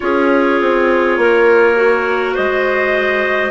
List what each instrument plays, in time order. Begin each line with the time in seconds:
0.00 bassoon C#4, clarinet F4 G#4, trumpet C#5
0.60 bassoon C4
1.17 bassoon A#3, clarinet A#4
1.75 clarinet F#4
2.34 bassoon G#3, clarinet C5, trumpet D#5